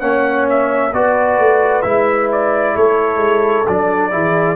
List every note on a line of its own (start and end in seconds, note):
0.00 0.91 A#3
0.00 0.91 C#4
0.00 0.92 C#5
0.00 0.46 F#5
0.49 0.93 E5
0.93 1.38 B3
0.93 1.83 F#4
0.93 2.75 B4
0.93 1.82 D5
1.38 1.84 A3
1.82 2.75 G#3
1.82 3.64 E4
1.82 2.27 E5
2.32 2.76 D5
2.75 3.16 A3
2.75 4.11 A4
2.75 3.67 C#5
3.16 3.62 G#3
3.67 4.12 F#3
3.67 4.10 D4
3.67 4.55 D5
4.10 4.55 E3
4.10 4.55 E4
4.10 4.55 G#4